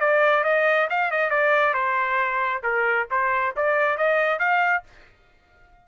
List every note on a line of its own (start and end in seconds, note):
0.00 0.44 D5
0.44 0.88 D#5
0.90 1.11 F5
1.11 1.30 D#5
1.30 1.74 D5
1.74 2.62 C5
2.63 3.07 A#4
3.10 3.55 C5
3.56 3.97 D5
3.97 4.39 D#5
4.39 4.83 F5